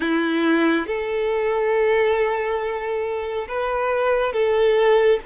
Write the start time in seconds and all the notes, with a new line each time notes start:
0.00 E4
0.86 A4
3.48 B4
4.32 A4